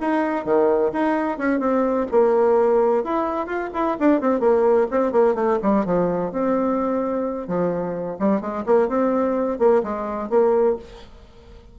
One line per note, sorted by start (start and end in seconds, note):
0.00 0.45 D#4
0.45 0.92 D#3
0.92 1.38 D#4
1.38 1.59 C#4
1.59 2.06 C4
2.11 3.04 A#3
3.04 3.46 E4
3.46 3.69 F4
3.74 3.97 E4
4.00 4.21 D4
4.21 4.40 C4
4.40 4.87 A#3
4.90 5.12 C4
5.12 5.35 A#3
5.35 5.58 A3
5.62 5.85 G3
5.85 6.32 F3
6.32 7.47 C4
7.47 8.18 F3
8.19 8.41 G3
8.41 8.64 G#3
8.66 8.88 A#3
8.88 9.58 C4
9.59 9.82 A#3
9.83 10.30 G#3
10.30 10.76 A#3